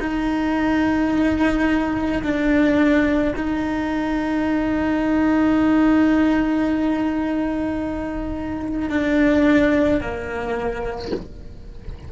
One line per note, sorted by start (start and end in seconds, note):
0.00 2.22 D#4
2.23 3.34 D4
3.36 8.89 D#4
8.89 10.01 D4
10.01 11.12 A#3